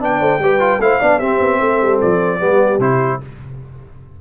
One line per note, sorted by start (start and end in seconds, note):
0.00 0.21 B3
0.00 0.40 D4
0.00 0.20 D5
0.00 0.81 G5
0.20 0.39 A3
0.20 0.40 C5
0.39 0.78 G3
0.39 0.60 G4
0.39 0.82 B4
0.60 0.80 F4
0.78 0.98 A3
0.78 1.01 E4
0.78 0.99 C5
0.78 1.19 F5
0.99 1.20 B3
0.99 1.21 D4
0.99 1.19 D5
1.19 1.40 C4
1.19 2.40 C4
1.19 1.59 G4
1.19 1.99 E5
1.40 1.60 B3
1.59 1.80 A3
1.59 2.39 A4
1.82 2.02 G3
2.01 2.41 F3
2.01 2.81 D5
2.40 2.78 G3
2.40 2.80 B3
2.40 3.20 G4
2.78 3.18 C3
2.78 3.20 E4
2.78 3.21 C5